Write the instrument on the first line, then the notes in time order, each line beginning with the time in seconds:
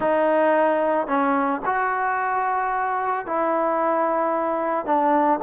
trombone
0.00 D#4
1.07 C#4
1.65 F#4
3.26 E4
4.85 D4